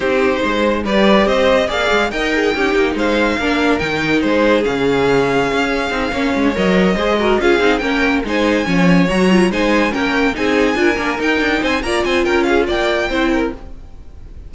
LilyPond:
<<
  \new Staff \with { instrumentName = "violin" } { \time 4/4 \tempo 4 = 142 c''2 d''4 dis''4 | f''4 g''2 f''4~ | f''4 g''4 c''4 f''4~ | f''2.~ f''8 dis''8~ |
dis''4. f''4 g''4 gis''8~ | gis''4. ais''4 gis''4 g''8~ | g''8 gis''2 g''4 gis''8 | ais''8 gis''8 g''8 f''8 g''2 | }
  \new Staff \with { instrumentName = "violin" } { \time 4/4 g'4 c''4 b'4 c''4 | d''4 dis''8 gis'8 g'4 c''4 | ais'2 gis'2~ | gis'2~ gis'8 cis''4.~ |
cis''8 c''8 ais'8 gis'4 ais'4 c''8~ | c''8 cis''2 c''4 ais'8~ | ais'8 gis'4 ais'2 c''8 | d''8 c''8 ais'8 gis'8 d''4 c''8 ais'8 | }
  \new Staff \with { instrumentName = "viola" } { \time 4/4 dis'2 g'2 | gis'4 ais'4 dis'2 | d'4 dis'2 cis'4~ | cis'2 dis'8 cis'4 ais'8~ |
ais'8 gis'8 fis'8 f'8 dis'8 cis'4 dis'8~ | dis'8 cis'4 fis'8 f'8 dis'4 cis'8~ | cis'8 dis'4 f'8 d'8 dis'4. | f'2. e'4 | }
  \new Staff \with { instrumentName = "cello" } { \time 4/4 c'4 gis4 g4 c'4 | ais8 gis8 dis'4 cis'8 ais8 gis4 | ais4 dis4 gis4 cis4~ | cis4 cis'4 c'8 ais8 gis8 fis8~ |
fis8 gis4 cis'8 c'8 ais4 gis8~ | gis8 f4 fis4 gis4 ais8~ | ais8 c'4 d'8 ais8 dis'8 d'8 c'8 | ais8 c'8 cis'4 ais4 c'4 | }
>>